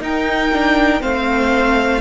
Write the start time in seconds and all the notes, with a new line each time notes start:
0.00 D#4 A#4 G5
0.52 D4
1.00 A3 C4 C5 F5